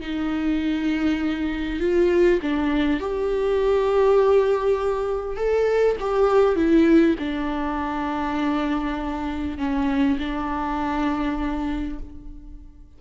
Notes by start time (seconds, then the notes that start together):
0.00 D#4
1.80 F4
2.42 D4
2.99 G4
5.36 A4
6.00 G4
6.55 E4
7.18 D4
9.58 C#4
10.19 D4